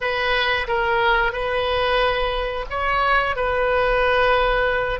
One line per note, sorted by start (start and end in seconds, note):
0.00 0.67 B4
0.67 1.32 A#4
1.32 2.65 B4
2.69 3.36 C#5
3.36 5.00 B4